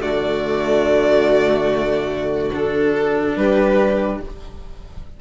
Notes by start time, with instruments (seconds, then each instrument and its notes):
0.00 bassoon D3, cello A3, violin F#4 D5
2.53 cello D4, violin A4
3.36 bassoon G3, violin G4 B4